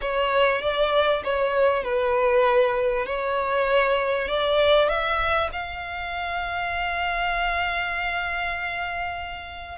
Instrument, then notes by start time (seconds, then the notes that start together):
violin
0.01 C#5
0.61 D5
1.24 C#5
1.83 B4
3.06 C#5
4.27 D5
4.88 E5
5.52 F5